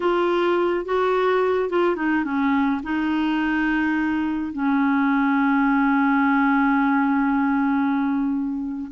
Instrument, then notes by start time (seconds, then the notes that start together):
clarinet
0.00 F4
0.85 F#4
1.69 F4
1.96 D#4
2.24 C#4
2.83 D#4
4.52 C#4